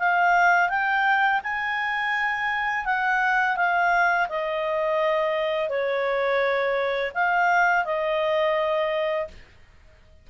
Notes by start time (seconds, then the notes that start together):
0.00 F5
0.70 G5
1.44 G#5
2.86 F#5
3.57 F5
4.29 D#5
5.69 C#5
7.15 F5
7.85 D#5